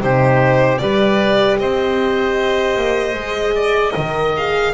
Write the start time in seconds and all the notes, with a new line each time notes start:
0.00 C3 D#4 G4 C5
0.78 G3 G4 B4 D5
1.59 C4 C5 D#5
2.76 A#3
3.14 G#3 G#4
3.55 D5
3.93 D#3 A#4 D#5
4.36 G#4 F5